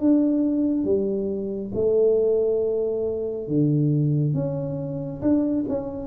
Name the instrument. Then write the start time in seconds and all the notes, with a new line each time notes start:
tuba
0.00 D4
0.85 G3
1.75 A3
3.47 D3
4.34 C#4
5.21 D4
5.69 C#4